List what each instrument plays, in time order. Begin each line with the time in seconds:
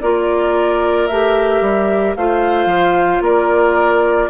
0.00 bassoon A#3, clarinet F4, oboe A#4, flute D5
1.07 bassoon A3, clarinet G4, flute E5
1.60 bassoon G3
2.15 bassoon A3, clarinet F4, oboe C5, flute F5
2.65 bassoon F3
3.21 bassoon A#3, oboe A#4, flute D5